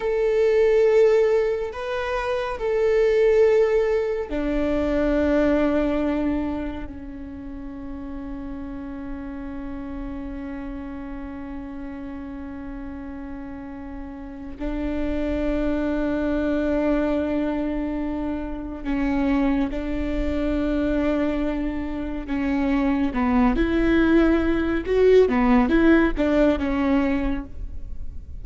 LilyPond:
\new Staff \with { instrumentName = "viola" } { \time 4/4 \tempo 4 = 70 a'2 b'4 a'4~ | a'4 d'2. | cis'1~ | cis'1~ |
cis'4 d'2.~ | d'2 cis'4 d'4~ | d'2 cis'4 b8 e'8~ | e'4 fis'8 b8 e'8 d'8 cis'4 | }